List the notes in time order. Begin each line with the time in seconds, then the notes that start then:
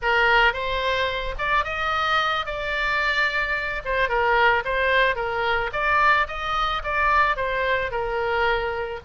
0.01 A#4
0.53 C5
1.38 D5
1.64 D#5
2.45 D5
3.85 C5
4.08 A#4
4.64 C5
5.15 A#4
5.72 D5
6.27 D#5
6.83 D5
7.36 C5
7.91 A#4